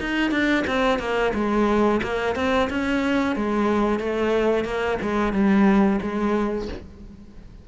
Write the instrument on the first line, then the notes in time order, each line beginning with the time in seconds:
cello
0.00 D#4
0.31 D4
0.66 C4
0.99 A#3
1.34 G#3
2.03 A#3
2.35 C4
2.70 C#4
3.35 G#3
3.99 A3
4.64 A#3
5.02 G#3
5.33 G3
6.02 G#3